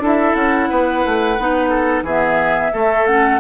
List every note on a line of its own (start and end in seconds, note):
0.00 0.34 D4
0.00 1.37 E4
0.00 0.70 A4
0.07 0.35 E5
0.35 0.69 C#4
0.35 2.03 F#5
0.70 1.05 B3
0.70 1.70 B4
1.05 1.39 A3
1.39 2.03 B3
1.39 2.07 D#4
1.70 2.04 A4
2.03 2.70 E3
2.03 2.73 B3
2.03 2.72 G#4
2.03 3.07 E5
2.73 3.07 A3
2.73 3.40 A3
2.73 3.40 A4
3.07 3.40 C#4
3.07 3.40 F#5